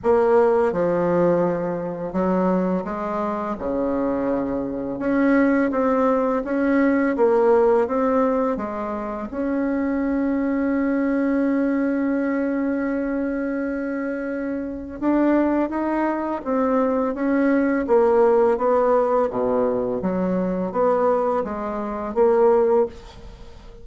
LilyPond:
\new Staff \with { instrumentName = "bassoon" } { \time 4/4 \tempo 4 = 84 ais4 f2 fis4 | gis4 cis2 cis'4 | c'4 cis'4 ais4 c'4 | gis4 cis'2.~ |
cis'1~ | cis'4 d'4 dis'4 c'4 | cis'4 ais4 b4 b,4 | fis4 b4 gis4 ais4 | }